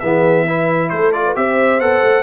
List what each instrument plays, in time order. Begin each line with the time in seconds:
0.00 tuba E3, trombone B3, horn G#4, trumpet E5
0.46 trombone E4, horn B4
0.90 tuba A3, horn A4, trumpet C5
1.12 trombone F4, trumpet D5
1.25 horn B4
1.35 tuba C4, trombone G4, horn C5, trumpet E5
1.80 tuba B3, trombone A4, trumpet F#5
2.03 tuba A3